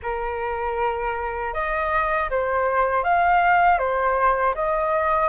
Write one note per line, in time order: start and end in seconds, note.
0.02 1.53 A#4
1.53 2.29 D#5
2.30 3.03 C5
3.03 3.78 F5
3.78 4.54 C5
4.54 5.29 D#5